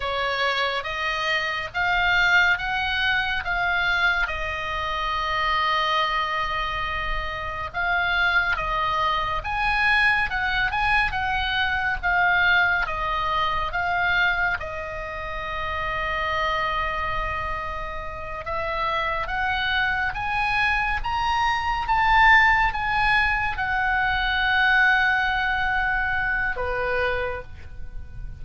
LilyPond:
\new Staff \with { instrumentName = "oboe" } { \time 4/4 \tempo 4 = 70 cis''4 dis''4 f''4 fis''4 | f''4 dis''2.~ | dis''4 f''4 dis''4 gis''4 | fis''8 gis''8 fis''4 f''4 dis''4 |
f''4 dis''2.~ | dis''4. e''4 fis''4 gis''8~ | gis''8 ais''4 a''4 gis''4 fis''8~ | fis''2. b'4 | }